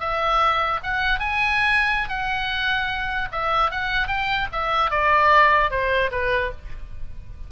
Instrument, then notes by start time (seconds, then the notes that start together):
oboe
0.00 E5
0.83 F#5
1.20 G#5
2.09 F#5
3.32 E5
3.71 F#5
4.08 G5
4.52 E5
4.91 D5
5.71 C5
6.12 B4